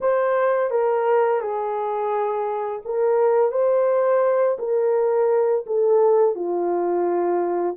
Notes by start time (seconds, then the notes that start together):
0.01 C5
0.70 A#4
1.41 G#4
2.85 A#4
3.51 C5
4.59 A#4
5.66 A4
6.35 F4